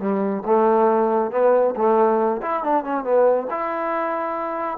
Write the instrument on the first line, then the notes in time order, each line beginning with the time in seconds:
trombone
0.00 G3
0.46 A3
1.32 B3
1.76 A3
2.42 E4
2.64 D4
2.84 C#4
3.04 B3
3.51 E4